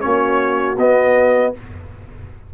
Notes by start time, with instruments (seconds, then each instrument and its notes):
0.00 tuba A#3, trombone C#4, horn F#4, trumpet C#5
0.77 tuba B3, trombone B3, trumpet D#5